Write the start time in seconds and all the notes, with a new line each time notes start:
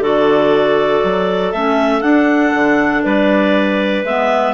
0.00 D3 F#4 A4 D5
1.03 F#3
1.52 A3 C#4 E5
2.01 D4 F#5
2.54 D3
3.03 G3 B4 D5
4.04 G#3 B3 E5